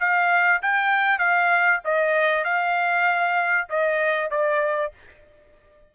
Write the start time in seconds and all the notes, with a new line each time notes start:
0.00 F5
0.62 G5
1.19 F5
1.84 D#5
2.44 F5
3.70 D#5
4.31 D5